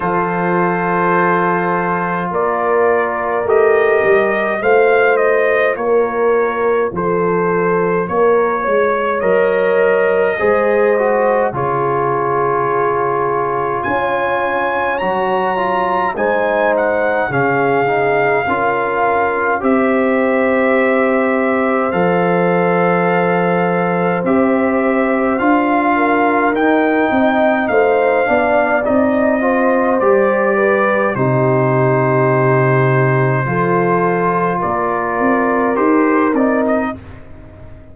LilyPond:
<<
  \new Staff \with { instrumentName = "trumpet" } { \time 4/4 \tempo 4 = 52 c''2 d''4 dis''4 | f''8 dis''8 cis''4 c''4 cis''4 | dis''2 cis''2 | gis''4 ais''4 gis''8 fis''8 f''4~ |
f''4 e''2 f''4~ | f''4 e''4 f''4 g''4 | f''4 dis''4 d''4 c''4~ | c''2 d''4 c''8 d''16 dis''16 | }
  \new Staff \with { instrumentName = "horn" } { \time 4/4 a'2 ais'2 | c''4 ais'4 a'4 ais'8 cis''8~ | cis''4 c''4 gis'2 | cis''2 c''4 gis'4 |
ais'4 c''2.~ | c''2~ c''8 ais'4 dis''8 | c''8 d''4 c''4 b'8 g'4~ | g'4 a'4 ais'2 | }
  \new Staff \with { instrumentName = "trombone" } { \time 4/4 f'2. g'4 | f'1 | ais'4 gis'8 fis'8 f'2~ | f'4 fis'8 f'8 dis'4 cis'8 dis'8 |
f'4 g'2 a'4~ | a'4 g'4 f'4 dis'4~ | dis'8 d'8 dis'8 f'8 g'4 dis'4~ | dis'4 f'2 g'8 dis'8 | }
  \new Staff \with { instrumentName = "tuba" } { \time 4/4 f2 ais4 a8 g8 | a4 ais4 f4 ais8 gis8 | fis4 gis4 cis2 | cis'4 fis4 gis4 cis4 |
cis'4 c'2 f4~ | f4 c'4 d'4 dis'8 c'8 | a8 b8 c'4 g4 c4~ | c4 f4 ais8 c'8 dis'8 c'8 | }
>>